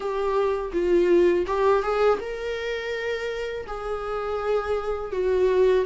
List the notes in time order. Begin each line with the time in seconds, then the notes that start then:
0.00 G4
0.73 F4
1.46 G4
1.82 G#4
2.20 A#4
3.67 G#4
5.12 F#4